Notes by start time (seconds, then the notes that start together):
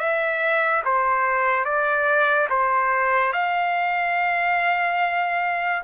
0.00 E5
0.85 C5
1.65 D5
2.50 C5
3.33 F5